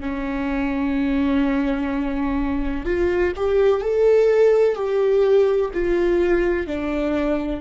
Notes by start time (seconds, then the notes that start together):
0.00 C#4
2.85 F4
3.35 G4
3.81 A4
4.75 G4
5.73 F4
6.67 D4